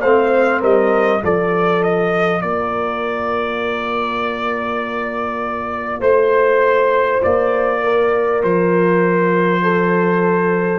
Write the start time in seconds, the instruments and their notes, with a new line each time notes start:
0.00 tuba A3, trombone C4, horn C5, trumpet F5
0.61 tuba G3, horn A#4, trumpet D#5
1.20 tuba F3, trombone F4, horn A4, trumpet D5
1.83 trumpet D#5
2.41 tuba A#3, horn A#4, trumpet D5
5.99 tuba A3, horn C5, trumpet C5
7.23 tuba A#3, trumpet D5
7.83 horn A#4
8.43 tuba F3, trumpet C5
9.62 horn A4